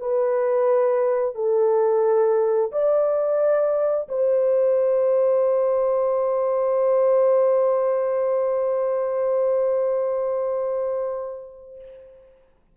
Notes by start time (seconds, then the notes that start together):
0.00 B4
1.35 A4
2.72 D5
4.09 C5